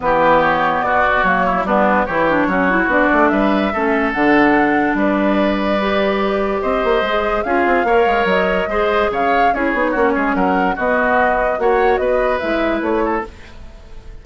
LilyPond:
<<
  \new Staff \with { instrumentName = "flute" } { \time 4/4 \tempo 4 = 145 b'4 cis''4 d''4 cis''4 | b'4 cis''2 d''4 | e''2 fis''2 | d''1 |
dis''2 f''2 | dis''2 f''4 cis''4~ | cis''4 fis''4 dis''2 | fis''4 dis''4 e''4 cis''4 | }
  \new Staff \with { instrumentName = "oboe" } { \time 4/4 g'2 fis'4. e'8 | d'4 g'4 fis'2 | b'4 a'2. | b'1 |
c''2 gis'4 cis''4~ | cis''4 c''4 cis''4 gis'4 | fis'8 gis'8 ais'4 fis'2 | cis''4 b'2~ b'8 a'8 | }
  \new Staff \with { instrumentName = "clarinet" } { \time 4/4 b2. ais4 | b4 e'8 d'8 cis'8 e'8 d'4~ | d'4 cis'4 d'2~ | d'2 g'2~ |
g'4 gis'4 f'4 ais'4~ | ais'4 gis'2 e'8 dis'8 | cis'2 b2 | fis'2 e'2 | }
  \new Staff \with { instrumentName = "bassoon" } { \time 4/4 e2 b,4 fis4 | g4 e4 fis4 b8 a8 | g4 a4 d2 | g1 |
c'8 ais8 gis4 cis'8 c'8 ais8 gis8 | fis4 gis4 cis4 cis'8 b8 | ais8 gis8 fis4 b2 | ais4 b4 gis4 a4 | }
>>